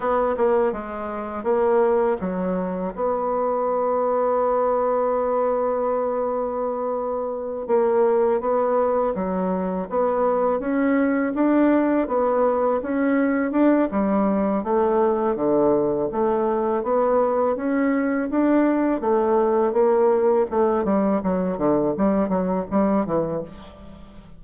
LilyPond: \new Staff \with { instrumentName = "bassoon" } { \time 4/4 \tempo 4 = 82 b8 ais8 gis4 ais4 fis4 | b1~ | b2~ b8 ais4 b8~ | b8 fis4 b4 cis'4 d'8~ |
d'8 b4 cis'4 d'8 g4 | a4 d4 a4 b4 | cis'4 d'4 a4 ais4 | a8 g8 fis8 d8 g8 fis8 g8 e8 | }